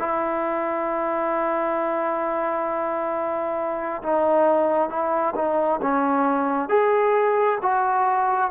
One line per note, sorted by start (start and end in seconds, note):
0.00 4.03 E4
4.03 4.90 D#4
4.90 5.34 E4
5.36 5.81 D#4
5.82 6.69 C#4
6.69 7.59 G#4
7.62 8.51 F#4